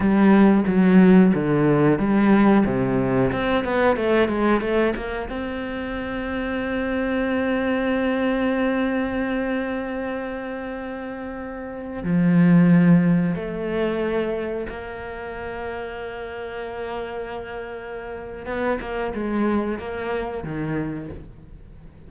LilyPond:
\new Staff \with { instrumentName = "cello" } { \time 4/4 \tempo 4 = 91 g4 fis4 d4 g4 | c4 c'8 b8 a8 gis8 a8 ais8 | c'1~ | c'1~ |
c'2~ c'16 f4.~ f16~ | f16 a2 ais4.~ ais16~ | ais1 | b8 ais8 gis4 ais4 dis4 | }